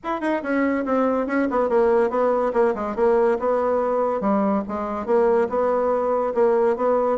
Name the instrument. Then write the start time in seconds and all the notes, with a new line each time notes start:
bassoon
0.03 E4
0.21 D#4
0.42 C#4
0.85 C4
1.27 C#4
1.50 B3
1.69 A#3
2.10 B3
2.53 A#3
2.74 G#3
2.95 A#3
3.39 B3
4.20 G3
4.67 G#3
5.06 A#3
5.49 B3
6.34 A#3
6.76 B3